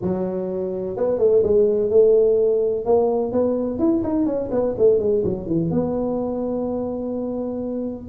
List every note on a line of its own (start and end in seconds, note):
0.01 0.96 F#3
0.96 1.18 B3
1.18 1.42 A3
1.43 1.90 G#3
1.90 2.85 A3
2.85 3.32 A#3
3.32 3.78 B3
3.78 4.02 E4
4.03 4.26 D#4
4.26 4.50 C#4
4.51 4.75 B3
4.78 4.99 A3
4.99 5.23 G#3
5.24 5.47 F#3
5.47 5.70 E3
5.70 8.08 B3